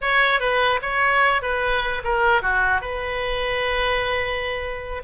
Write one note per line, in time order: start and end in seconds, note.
0.01 0.40 C#5
0.40 0.80 B4
0.81 1.42 C#5
1.42 2.02 B4
2.04 2.42 A#4
2.42 2.81 F#4
2.81 5.02 B4